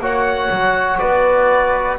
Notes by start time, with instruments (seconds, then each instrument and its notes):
0.00 double bass A#3, trombone F#4, flute C#5, oboe F#5
0.51 double bass F#3
0.99 double bass B3, flute B4, oboe D5